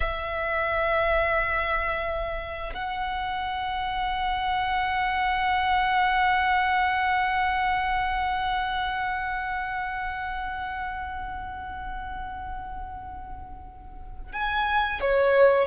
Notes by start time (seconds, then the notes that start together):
0.00 E5
2.73 F#5
14.32 G#5
15.00 C#5